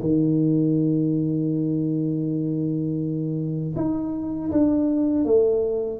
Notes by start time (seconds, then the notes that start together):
0.00 D#3
3.76 D#4
4.51 D4
5.25 A3